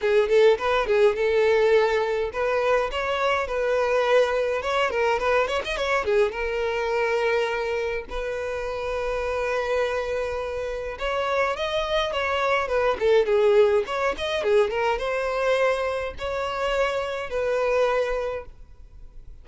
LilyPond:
\new Staff \with { instrumentName = "violin" } { \time 4/4 \tempo 4 = 104 gis'8 a'8 b'8 gis'8 a'2 | b'4 cis''4 b'2 | cis''8 ais'8 b'8 cis''16 dis''16 cis''8 gis'8 ais'4~ | ais'2 b'2~ |
b'2. cis''4 | dis''4 cis''4 b'8 a'8 gis'4 | cis''8 dis''8 gis'8 ais'8 c''2 | cis''2 b'2 | }